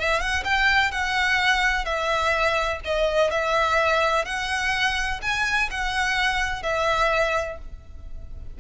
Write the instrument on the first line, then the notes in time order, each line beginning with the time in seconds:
violin
0.00 E5
0.20 F#5
0.45 G5
0.92 F#5
1.85 E5
2.85 D#5
3.31 E5
4.26 F#5
5.22 G#5
5.71 F#5
6.63 E5